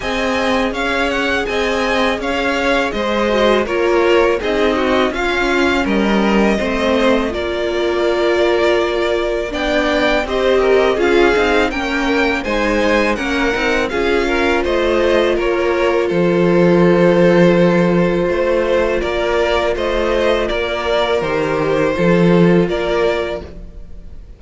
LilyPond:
<<
  \new Staff \with { instrumentName = "violin" } { \time 4/4 \tempo 4 = 82 gis''4 f''8 fis''8 gis''4 f''4 | dis''4 cis''4 dis''4 f''4 | dis''2 d''2~ | d''4 g''4 dis''4 f''4 |
g''4 gis''4 fis''4 f''4 | dis''4 cis''4 c''2~ | c''2 d''4 dis''4 | d''4 c''2 d''4 | }
  \new Staff \with { instrumentName = "violin" } { \time 4/4 dis''4 cis''4 dis''4 cis''4 | c''4 ais'4 gis'8 fis'8 f'4 | ais'4 c''4 ais'2~ | ais'4 d''4 c''8 ais'8 gis'4 |
ais'4 c''4 ais'4 gis'8 ais'8 | c''4 ais'4 a'2~ | a'4 c''4 ais'4 c''4 | ais'2 a'4 ais'4 | }
  \new Staff \with { instrumentName = "viola" } { \time 4/4 gis'1~ | gis'8 fis'8 f'4 dis'4 cis'4~ | cis'4 c'4 f'2~ | f'4 d'4 g'4 f'8 dis'8 |
cis'4 dis'4 cis'8 dis'8 f'4~ | f'1~ | f'1~ | f'4 g'4 f'2 | }
  \new Staff \with { instrumentName = "cello" } { \time 4/4 c'4 cis'4 c'4 cis'4 | gis4 ais4 c'4 cis'4 | g4 a4 ais2~ | ais4 b4 c'4 cis'8 c'8 |
ais4 gis4 ais8 c'8 cis'4 | a4 ais4 f2~ | f4 a4 ais4 a4 | ais4 dis4 f4 ais4 | }
>>